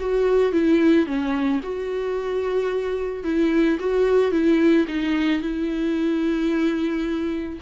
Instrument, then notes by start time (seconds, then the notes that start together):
viola
0.00 F#4
0.53 E4
1.07 C#4
1.63 F#4
3.24 E4
3.80 F#4
4.32 E4
4.88 D#4
5.41 E4